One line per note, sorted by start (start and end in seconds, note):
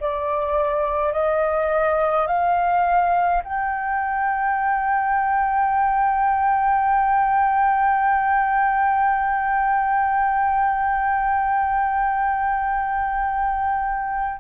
0.00 1.13 D5
1.13 2.27 D#5
2.27 3.42 F5
3.44 14.40 G5